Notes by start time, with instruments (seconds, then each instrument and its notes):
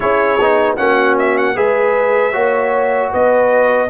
0.00 tuba C#4, trombone E4, horn G#4, trumpet C#5
0.39 tuba B3, trombone D#4
0.76 tuba A#3, trombone C#4, horn F#4, trumpet F#5
1.19 trumpet E5
1.37 trumpet F#5
1.55 tuba G#3, trombone G#4, horn B4, trumpet E5
2.32 tuba A#3, trombone F#4, horn C#5
3.10 tuba B3, horn B4, trumpet D#5